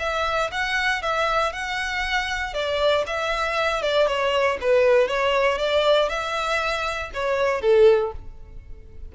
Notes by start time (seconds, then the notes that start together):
0.00 E5
0.52 F#5
1.02 E5
1.53 F#5
2.54 D5
3.07 E5
3.83 D5
4.07 C#5
4.62 B4
5.08 C#5
5.58 D5
6.09 E5
7.14 C#5
7.62 A4